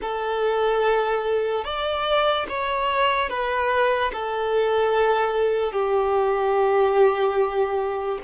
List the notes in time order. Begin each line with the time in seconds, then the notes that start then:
0.01 A4
1.64 D5
2.48 C#5
3.29 B4
4.12 A4
5.72 G4